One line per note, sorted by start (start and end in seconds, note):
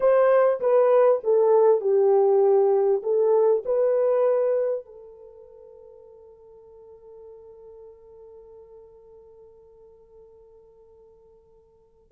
0.00 0.60 C5
0.60 1.21 B4
1.23 1.80 A4
1.80 3.02 G4
3.02 3.63 A4
3.65 4.85 B4
4.85 12.11 A4